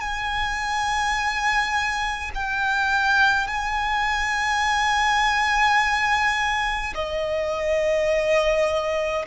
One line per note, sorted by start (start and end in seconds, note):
0.00 2.31 G#5
2.34 3.47 G5
3.47 6.93 G#5
6.94 9.25 D#5